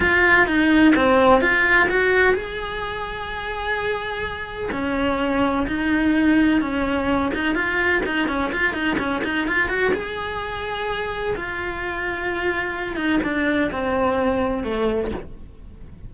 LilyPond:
\new Staff \with { instrumentName = "cello" } { \time 4/4 \tempo 4 = 127 f'4 dis'4 c'4 f'4 | fis'4 gis'2.~ | gis'2 cis'2 | dis'2 cis'4. dis'8 |
f'4 dis'8 cis'8 f'8 dis'8 cis'8 dis'8 | f'8 fis'8 gis'2. | f'2.~ f'8 dis'8 | d'4 c'2 a4 | }